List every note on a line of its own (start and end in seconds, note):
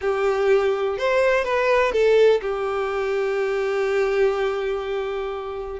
0.01 0.97 G4
0.97 1.44 C5
1.44 1.92 B4
1.92 2.40 A4
2.41 5.79 G4